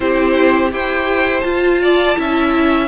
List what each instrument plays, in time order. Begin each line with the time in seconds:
0.00 cello C4, viola E4, violin G4 C5
0.71 cello E4, viola G4, violin C5 G5
1.40 viola F4, cello F4, violin A5
1.81 violin D5
2.15 cello C#4, viola E4, violin E5